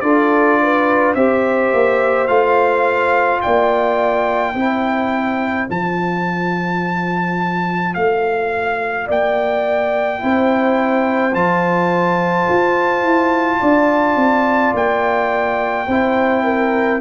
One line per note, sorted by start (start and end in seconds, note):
0.00 1.15 D4
0.00 1.15 F4
0.00 0.60 A4
0.00 1.13 D5
0.62 1.15 B4
1.14 1.71 C4
1.14 2.28 G4
1.14 3.42 C5
1.14 2.27 E5
1.73 2.28 A#3
2.27 3.41 A3
2.27 4.54 F4
2.27 3.40 F5
3.41 4.54 A#3
3.41 4.55 D5
3.41 5.67 G5
4.54 5.67 C4
4.54 5.67 E4
4.54 9.06 C5
5.67 7.96 F3
5.67 10.18 F4
5.67 7.94 A5
7.94 9.08 A3
7.94 9.07 F5
9.06 10.21 A#3
9.06 10.19 D5
9.06 11.34 G5
10.18 11.33 C4
10.18 11.31 E4
10.18 13.59 C5
11.33 12.47 F3
11.33 15.87 F4
11.33 14.74 A5
12.49 13.02 F4
13.02 13.59 E4
13.59 14.16 D4
13.59 15.86 D5
14.16 14.72 C4
14.74 15.87 A#3
14.74 17.00 G5
15.87 17.00 C4
15.87 17.00 E4
15.87 16.43 C5
16.44 17.00 A#4